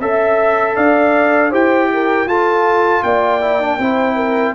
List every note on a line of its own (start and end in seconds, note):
0.00 0.76 C#4
0.00 1.52 A4
0.00 0.76 E5
0.00 0.77 E5
0.76 1.53 D4
0.76 1.51 D5
0.76 1.52 F5
1.51 2.26 E4
1.51 2.28 G4
1.51 1.89 C5
1.51 2.28 G5
1.93 2.28 A#4
2.26 3.02 F4
2.26 3.41 F4
2.26 3.04 A4
2.26 3.03 A5
3.03 3.79 A#3
3.03 3.81 D5
3.03 4.55 G5
3.41 3.60 E4
3.61 3.80 D4
3.79 4.55 C4
3.79 4.55 E4
3.79 4.16 C5
4.16 4.54 A#4